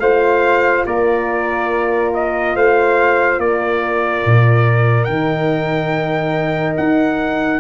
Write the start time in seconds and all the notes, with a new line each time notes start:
0.00 A3 F4 C5 F5
0.86 A#3 A#4 D5
2.14 D#5
2.55 A3 C5 F5
3.38 A#3 A#4 D5
4.26 A#2
5.04 D#3 D#4 G5
6.77 D#4 F#5